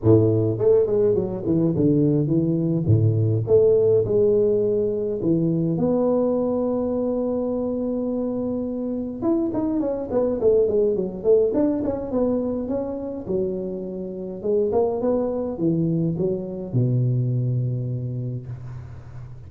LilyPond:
\new Staff \with { instrumentName = "tuba" } { \time 4/4 \tempo 4 = 104 a,4 a8 gis8 fis8 e8 d4 | e4 a,4 a4 gis4~ | gis4 e4 b2~ | b1 |
e'8 dis'8 cis'8 b8 a8 gis8 fis8 a8 | d'8 cis'8 b4 cis'4 fis4~ | fis4 gis8 ais8 b4 e4 | fis4 b,2. | }